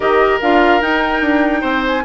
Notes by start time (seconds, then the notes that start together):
0.00 D#3 G4 A#4 D#5
0.41 D4 F4 F5
0.81 D#4 G5
1.21 D4
1.61 C4 C5
1.86 G#5